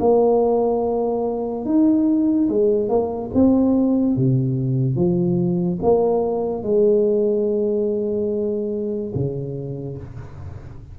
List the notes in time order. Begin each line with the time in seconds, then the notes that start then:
0.00 A#3
1.65 D#4
2.49 G#3
2.89 A#3
3.34 C4
4.16 C3
4.96 F3
5.82 A#3
6.63 G#3
9.15 C#3